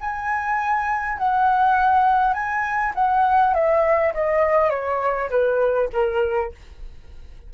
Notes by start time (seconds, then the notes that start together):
0.00 G#5
1.18 F#5
2.33 G#5
2.94 F#5
3.53 E5
4.13 D#5
4.70 C#5
5.30 B4
5.92 A#4